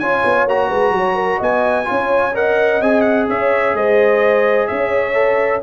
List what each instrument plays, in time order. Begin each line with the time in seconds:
0.00 tuba C#4, trombone F4, horn C#5, trumpet G#5
0.25 tuba B3
0.47 tuba A#3, trombone F#4, trumpet A#5
0.69 tuba G#3, horn B4
0.91 tuba F#3, horn C#5
1.15 horn A#4
1.38 tuba B3, horn D#5, trumpet G#5
1.85 tuba C#4, trombone F4, horn C#5
2.34 trombone A#4, horn D#5, trumpet F#5
2.81 tuba C4, trombone G#4, trumpet G#5
3.02 trumpet F#5
3.29 tuba C#4, horn C#5, trumpet E5
3.74 tuba G#3, horn C5, trumpet D#5
4.67 tuba C#4, horn C#5, trumpet E5
5.14 trombone A4